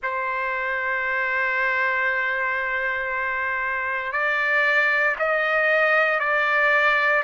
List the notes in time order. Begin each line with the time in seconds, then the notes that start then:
0.03 C5
4.12 D5
5.19 D#5
6.19 D5